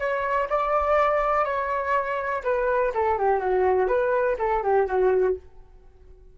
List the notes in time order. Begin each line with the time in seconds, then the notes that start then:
0.00 C#5
0.50 D5
1.45 C#5
2.44 B4
2.95 A4
3.18 G4
3.40 F#4
3.88 B4
4.39 A4
4.63 G4
4.87 F#4